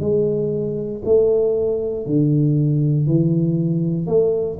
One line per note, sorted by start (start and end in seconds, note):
0.00 1.02 G#3
1.04 2.06 A3
2.06 3.07 D3
3.07 4.07 E3
4.07 4.58 A3